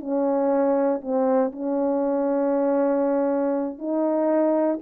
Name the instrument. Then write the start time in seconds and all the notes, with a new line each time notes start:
horn
0.00 C#4
1.01 C4
1.52 C#4
3.78 D#4